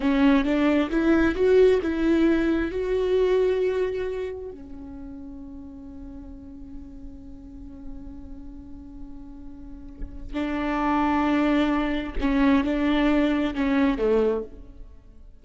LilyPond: \new Staff \with { instrumentName = "viola" } { \time 4/4 \tempo 4 = 133 cis'4 d'4 e'4 fis'4 | e'2 fis'2~ | fis'2 cis'2~ | cis'1~ |
cis'1~ | cis'2. d'4~ | d'2. cis'4 | d'2 cis'4 a4 | }